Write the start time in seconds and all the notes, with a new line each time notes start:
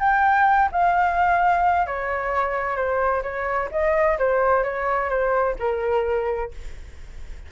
0.00 G5
0.72 F5
1.87 C#5
2.76 C5
3.23 C#5
3.72 D#5
4.19 C5
4.63 C#5
5.09 C5
5.59 A#4